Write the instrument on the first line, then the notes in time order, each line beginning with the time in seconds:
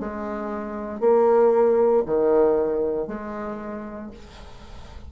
bassoon
0.00 G#3
1.00 A#3
2.06 D#3
3.08 G#3